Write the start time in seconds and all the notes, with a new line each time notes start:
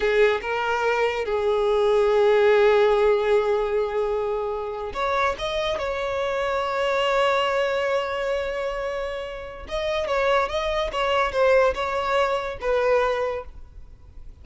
0.00 G#4
0.41 A#4
1.25 G#4
4.93 C#5
5.38 D#5
5.78 C#5
9.68 D#5
10.07 C#5
10.48 D#5
10.92 C#5
11.32 C5
11.74 C#5
12.60 B4